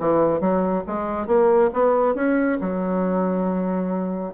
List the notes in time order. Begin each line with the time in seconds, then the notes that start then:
0.00 E3
0.40 F#3
0.87 G#3
1.27 A#3
1.73 B3
2.15 C#4
2.61 F#3